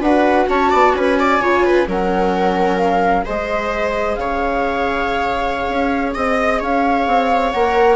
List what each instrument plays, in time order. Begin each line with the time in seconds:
0.00 bassoon D4, viola F#4 B4, flute F#5
0.49 bassoon C#4, viola C#5, flute A5
0.70 bassoon B3, viola D5
0.94 bassoon C#4, viola B4, flute G#5
1.19 viola D5
1.40 bassoon C#3, viola F4 C#5
1.65 viola B4
1.87 bassoon F#3, viola C#4 A#4, flute F#5
2.78 flute F5
3.25 bassoon G#3, viola G#4 C5, flute D#5
4.15 bassoon C#3, viola C#5, flute F5
5.69 bassoon C#4
6.15 bassoon C4, viola D#5, flute D#5
6.59 bassoon C#4, viola C#5, flute F5
7.07 bassoon C4
7.52 bassoon A#3, viola A#4, flute F#5